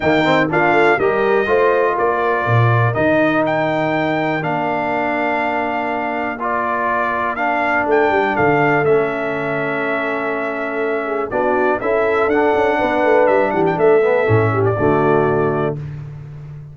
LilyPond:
<<
  \new Staff \with { instrumentName = "trumpet" } { \time 4/4 \tempo 4 = 122 g''4 f''4 dis''2 | d''2 dis''4 g''4~ | g''4 f''2.~ | f''4 d''2 f''4 |
g''4 f''4 e''2~ | e''2. d''4 | e''4 fis''2 e''8 fis''16 g''16 | e''4.~ e''16 d''2~ d''16 | }
  \new Staff \with { instrumentName = "horn" } { \time 4/4 dis'4 f'4 ais'4 c''4 | ais'1~ | ais'1~ | ais'1~ |
ais'4 a'2.~ | a'2~ a'8 gis'8 fis'4 | a'2 b'4. g'8 | a'4. g'8 fis'2 | }
  \new Staff \with { instrumentName = "trombone" } { \time 4/4 ais8 c'8 d'4 g'4 f'4~ | f'2 dis'2~ | dis'4 d'2.~ | d'4 f'2 d'4~ |
d'2 cis'2~ | cis'2. d'4 | e'4 d'2.~ | d'8 b8 cis'4 a2 | }
  \new Staff \with { instrumentName = "tuba" } { \time 4/4 dis4 ais8 a8 g4 a4 | ais4 ais,4 dis2~ | dis4 ais2.~ | ais1 |
a8 g8 d4 a2~ | a2. b4 | cis'4 d'8 cis'8 b8 a8 g8 e8 | a4 a,4 d2 | }
>>